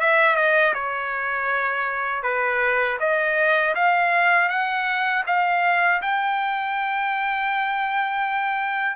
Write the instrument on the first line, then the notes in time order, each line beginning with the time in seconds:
trumpet
0.00 E5
0.35 D#5
0.74 C#5
2.23 B4
2.99 D#5
3.75 F5
4.49 F#5
5.26 F5
6.01 G5